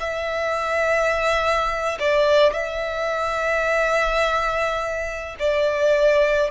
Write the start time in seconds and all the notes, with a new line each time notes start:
0.00 E5
2.00 D5
2.53 E5
5.39 D5